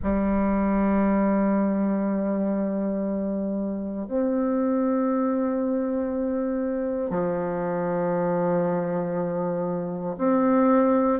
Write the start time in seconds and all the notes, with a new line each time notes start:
0.02 G3
4.07 C4
7.10 F3
10.18 C4